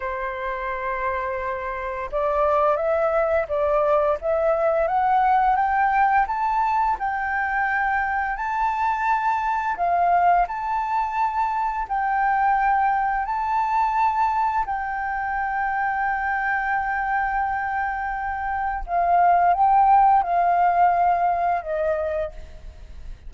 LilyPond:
\new Staff \with { instrumentName = "flute" } { \time 4/4 \tempo 4 = 86 c''2. d''4 | e''4 d''4 e''4 fis''4 | g''4 a''4 g''2 | a''2 f''4 a''4~ |
a''4 g''2 a''4~ | a''4 g''2.~ | g''2. f''4 | g''4 f''2 dis''4 | }